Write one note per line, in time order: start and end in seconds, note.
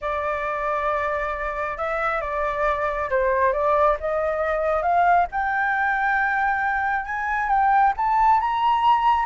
0.01 1.77 D5
1.77 2.21 E5
2.21 3.09 D5
3.10 3.52 C5
3.52 3.96 D5
3.99 4.82 D#5
4.82 5.26 F5
5.31 7.05 G5
7.05 7.49 G#5
7.49 7.93 G5
7.96 8.40 A5
8.40 9.25 A#5